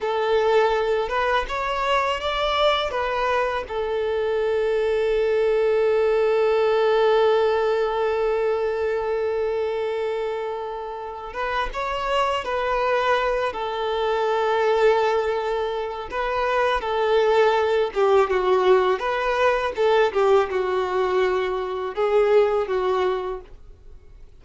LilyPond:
\new Staff \with { instrumentName = "violin" } { \time 4/4 \tempo 4 = 82 a'4. b'8 cis''4 d''4 | b'4 a'2.~ | a'1~ | a'2.~ a'8 b'8 |
cis''4 b'4. a'4.~ | a'2 b'4 a'4~ | a'8 g'8 fis'4 b'4 a'8 g'8 | fis'2 gis'4 fis'4 | }